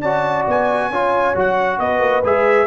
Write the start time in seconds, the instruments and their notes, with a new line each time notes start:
0.00 tuba C#4, trombone F#4, horn D5, trumpet A5
0.47 tuba B3, trumpet G#5
0.89 tuba C#4, trombone F4, horn C#5
1.34 tuba F#3, trombone F#4, trumpet F#5
1.78 tuba B3, horn B4, trumpet D#5
1.99 tuba A#3
2.23 tuba G#3, trombone G#4, trumpet E5